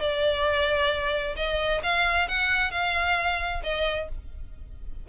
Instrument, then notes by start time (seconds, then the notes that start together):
violin
0.00 D5
1.36 D#5
1.83 F5
2.28 F#5
2.71 F5
3.63 D#5